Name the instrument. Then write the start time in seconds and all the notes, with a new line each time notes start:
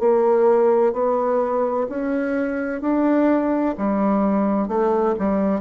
bassoon
0.00 A#3
0.93 B3
1.89 C#4
2.82 D4
3.78 G3
4.68 A3
5.19 G3